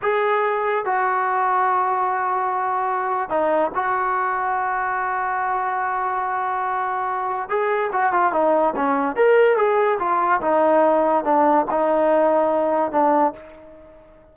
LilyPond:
\new Staff \with { instrumentName = "trombone" } { \time 4/4 \tempo 4 = 144 gis'2 fis'2~ | fis'1 | dis'4 fis'2.~ | fis'1~ |
fis'2 gis'4 fis'8 f'8 | dis'4 cis'4 ais'4 gis'4 | f'4 dis'2 d'4 | dis'2. d'4 | }